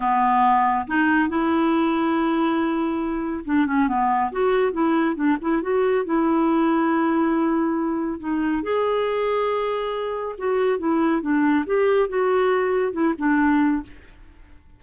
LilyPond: \new Staff \with { instrumentName = "clarinet" } { \time 4/4 \tempo 4 = 139 b2 dis'4 e'4~ | e'1 | d'8 cis'8 b4 fis'4 e'4 | d'8 e'8 fis'4 e'2~ |
e'2. dis'4 | gis'1 | fis'4 e'4 d'4 g'4 | fis'2 e'8 d'4. | }